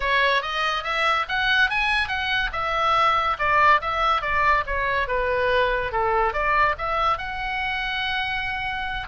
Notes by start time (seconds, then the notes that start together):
0.00 C#5
0.42 D#5
0.83 E5
1.28 F#5
1.70 G#5
2.08 F#5
2.52 E5
3.38 D5
3.81 E5
4.21 D5
4.66 C#5
5.07 B4
5.92 A4
6.33 D5
6.78 E5
7.18 F#5